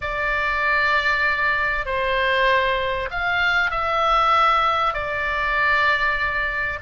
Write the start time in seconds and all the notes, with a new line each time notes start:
0.01 D5
1.85 C5
3.10 F5
3.71 E5
4.93 D5